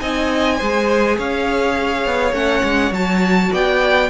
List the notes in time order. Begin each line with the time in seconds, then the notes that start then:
0.00 C4 D#4 D#5 G#5
0.57 G#3 G#4 C5
1.18 C#4 C#5 F5
2.06 B3
2.32 A3 C#4 F#5
2.63 G#3
2.91 F#3 F#4 A5
3.52 B3 D5 G5